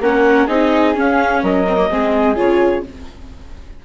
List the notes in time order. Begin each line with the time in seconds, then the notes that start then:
0.00 A#3 C#4 A#4 F#5
0.47 C4 D#4 G#4 D#5
0.94 C#4 F5
1.43 F#3 A#4 D#5
1.67 C4
1.77 A#3
1.90 G#3 C4 G#4
2.36 C#3 F4 C#5